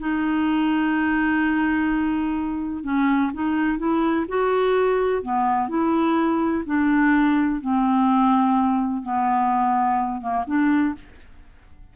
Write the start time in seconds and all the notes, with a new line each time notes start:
0.00 D#4
2.84 C#4
3.34 D#4
3.79 E4
4.29 F#4
5.23 B3
5.69 E4
6.66 D4
7.62 C4
9.03 B3
10.21 A#3
10.48 D4